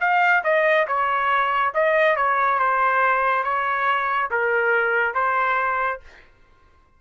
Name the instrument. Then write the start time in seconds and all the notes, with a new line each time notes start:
trumpet
0.00 F5
0.43 D#5
0.87 C#5
1.74 D#5
2.16 C#5
2.59 C5
3.44 C#5
4.30 A#4
5.14 C5